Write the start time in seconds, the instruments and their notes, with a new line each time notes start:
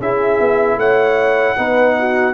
0.00 tuba C#4, trombone E4, horn G#4, trumpet E5
0.40 tuba B3
0.77 tuba A3, horn C#5, trumpet F#5
1.56 tuba B3, trombone D#4, horn B4
1.98 horn F#4